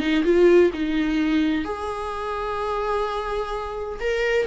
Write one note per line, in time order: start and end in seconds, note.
0.00 0.23 D#4
0.24 0.71 F4
0.74 1.65 D#4
1.65 3.99 G#4
4.00 4.47 A#4